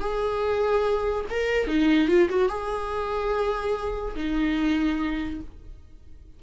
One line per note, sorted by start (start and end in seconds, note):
0.00 1.25 G#4
1.30 1.67 A#4
1.67 2.08 D#4
2.08 2.29 F4
2.29 2.49 F#4
2.49 4.15 G#4
4.16 5.41 D#4